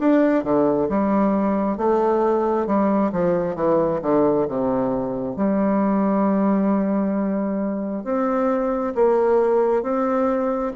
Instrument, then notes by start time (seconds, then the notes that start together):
bassoon
0.00 D4
0.44 D3
0.89 G3
1.78 A3
2.67 G3
3.13 F3
3.56 E3
4.02 D3
4.49 C3
5.36 G3
8.05 C4
8.96 A#3
9.83 C4